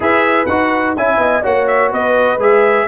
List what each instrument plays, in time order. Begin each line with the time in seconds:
0.00 tuba E4, trombone G#4, horn B4, trumpet E5
0.46 tuba D#4, trombone F#4, trumpet F#5
0.96 tuba C#4, trombone E4, horn E5, trumpet G#5
1.17 tuba B3, horn D#5
1.42 tuba A#3, trombone F#4, horn C#5, trumpet F#5
1.67 trumpet E5
1.90 tuba B3, horn B4, trumpet D#5
2.37 tuba G#3, trombone G#4, trumpet E5